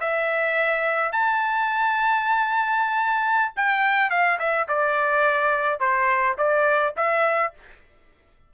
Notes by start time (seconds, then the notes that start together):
0.00 E5
1.12 A5
3.56 G5
4.10 F5
4.39 E5
4.68 D5
5.80 C5
6.38 D5
6.96 E5